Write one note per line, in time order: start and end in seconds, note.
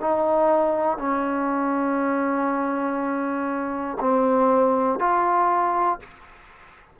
0.00 0.98 D#4
0.98 3.98 C#4
4.00 4.99 C4
4.99 5.99 F4